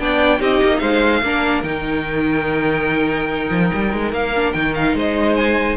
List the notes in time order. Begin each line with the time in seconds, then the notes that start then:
0.00 B3 D4 D5 G5
0.40 C4 D#4 G4 D#5
0.63 A#3
0.79 G#3 C5 F5
1.23 A#3 D4 A#4
1.64 D#3 D#4 G5
3.51 F3
3.74 G3
3.94 G#3
4.13 A#3 F5
4.36 D4
4.53 D#3 D#4 G5
4.75 F5
4.95 G#3 C5 D#5
5.36 G#5